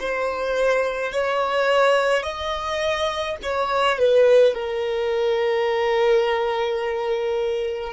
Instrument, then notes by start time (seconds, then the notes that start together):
violin
0.00 C5
1.13 C#5
2.23 D#5
3.43 C#5
3.99 B4
4.54 A#4